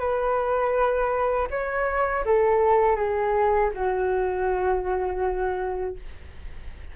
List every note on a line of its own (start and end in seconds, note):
0.00 1.48 B4
1.51 2.25 C#5
2.26 2.97 A4
2.97 3.71 G#4
3.74 5.97 F#4